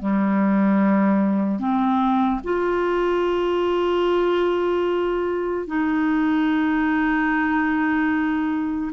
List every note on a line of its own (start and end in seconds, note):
0.00 1.60 G3
1.60 2.41 C4
2.44 5.68 F4
5.68 8.92 D#4